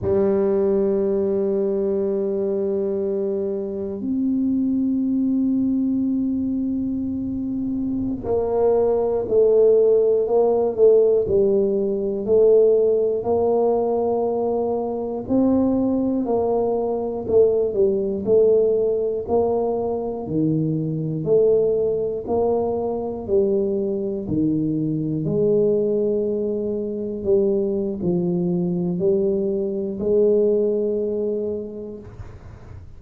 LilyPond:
\new Staff \with { instrumentName = "tuba" } { \time 4/4 \tempo 4 = 60 g1 | c'1~ | c'16 ais4 a4 ais8 a8 g8.~ | g16 a4 ais2 c'8.~ |
c'16 ais4 a8 g8 a4 ais8.~ | ais16 dis4 a4 ais4 g8.~ | g16 dis4 gis2 g8. | f4 g4 gis2 | }